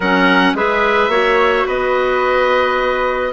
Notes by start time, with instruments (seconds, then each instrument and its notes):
0.00 bassoon F#3, clarinet C#4, trumpet A#4, oboe F#5
0.53 bassoon G#3, clarinet G#4, trumpet B4, oboe E5
1.07 bassoon A#3, clarinet F#4, trumpet C#5
1.66 bassoon B3, trumpet B4, oboe D#5